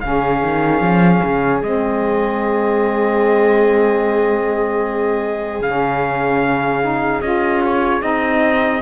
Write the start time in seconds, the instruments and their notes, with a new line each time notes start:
0.00 cello C#3, saxophone C#4, trumpet F5
0.06 viola G#4
0.43 cello D#3
0.81 cello F3
1.24 cello C#3
1.62 cello G#3, saxophone C4, trumpet D#5
5.61 cello C#3, saxophone C#4, trumpet F5
6.82 saxophone D#4
7.21 cello C#4, saxophone F4, trumpet D#5
7.65 trumpet C#5
8.00 cello C4, saxophone D#4, trumpet D#5